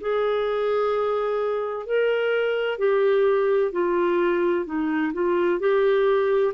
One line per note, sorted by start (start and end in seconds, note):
0.00 1.86 G#4
1.86 2.78 A#4
2.78 3.72 G4
3.72 4.65 F4
4.65 5.12 D#4
5.13 5.60 F4
5.60 6.53 G4